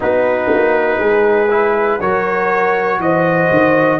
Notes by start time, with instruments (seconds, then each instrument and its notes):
0.00 tuba B3, trombone D#4, horn F#4, trumpet B4
0.53 tuba A#3
0.99 tuba G#3, horn G#4
1.50 trombone E4
2.00 tuba F#3, trombone F#4, horn A#4, trumpet C#5
2.99 tuba E3, horn C5, trumpet D#5
3.50 tuba D#3